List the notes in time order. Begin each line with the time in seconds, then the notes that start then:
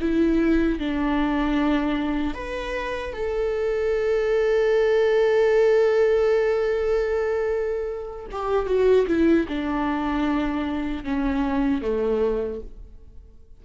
0.00 E4
0.79 D4
2.34 B4
3.13 A4
8.31 G4
8.66 F#4
9.07 E4
9.48 D4
11.04 C#4
11.81 A3